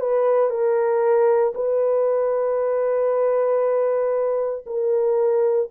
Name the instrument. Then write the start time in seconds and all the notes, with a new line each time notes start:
horn
0.00 B4
0.49 A#4
1.54 B4
4.66 A#4